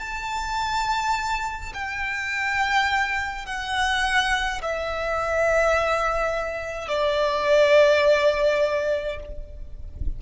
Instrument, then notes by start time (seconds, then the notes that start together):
violin
0.00 A5
1.74 G5
3.46 F#5
4.62 E5
6.89 D5